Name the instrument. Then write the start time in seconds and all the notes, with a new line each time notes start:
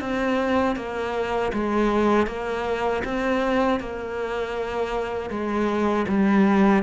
cello
0.00 C4
0.76 A#3
1.53 G#3
2.26 A#3
3.04 C4
3.80 A#3
5.30 G#3
6.08 G3